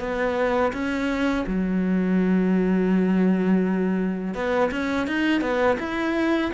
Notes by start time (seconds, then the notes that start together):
0.00 B3
0.73 C#4
1.47 F#3
4.35 B3
4.71 C#4
5.07 D#4
5.42 B3
5.79 E4